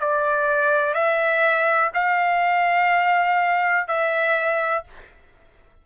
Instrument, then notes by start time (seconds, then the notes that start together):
trumpet
0.00 D5
0.94 E5
1.94 F5
3.88 E5